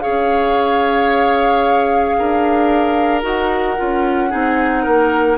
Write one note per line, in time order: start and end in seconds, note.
0.00 2.18 C#4
0.00 3.21 G#4
0.00 2.16 C#5
0.00 3.21 F5
2.18 3.23 D4
2.18 4.29 A#4
3.21 3.77 D#4
3.21 3.75 F#4
3.21 5.37 F#5
3.77 4.33 C#4
3.77 4.29 F4
4.29 4.86 C4
4.29 5.37 D#4
4.29 4.82 G#4
4.82 5.37 A#3
4.82 5.36 A#4